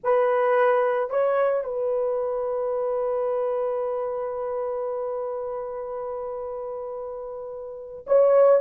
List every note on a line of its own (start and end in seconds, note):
0.03 1.10 B4
1.10 1.64 C#5
1.64 8.05 B4
8.06 8.61 C#5